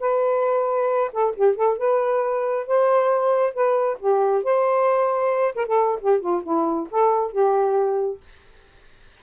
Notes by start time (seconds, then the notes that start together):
0.00 B4
1.13 A4
1.36 G4
1.56 A4
1.78 B4
2.67 C5
3.54 B4
3.99 G4
4.44 C5
5.55 A#4
5.66 A4
6.01 G4
6.20 F4
6.43 E4
6.91 A4
7.32 G4